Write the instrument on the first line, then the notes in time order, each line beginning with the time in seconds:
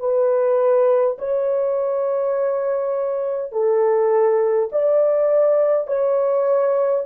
horn
0.00 B4
1.19 C#5
3.52 A4
4.72 D5
5.87 C#5